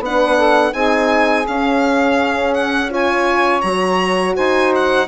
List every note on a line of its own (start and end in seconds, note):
0.00 0.72 B3
0.00 0.73 D4
0.00 0.37 B4
0.00 0.74 F#5
0.37 0.73 A4
0.73 1.46 C4
0.73 1.45 D#4
0.73 2.91 G#4
0.73 1.46 G#5
1.47 2.89 C#4
1.47 3.63 C#4
1.47 2.54 F5
2.54 2.90 F#5
2.89 3.62 F4
2.89 4.35 C#5
2.89 3.61 G#5
3.61 4.36 F#3
3.61 5.08 F#4
3.61 4.34 A#5
4.35 5.08 D#4
4.35 5.08 C5
4.35 4.73 G#5
4.76 5.08 F#5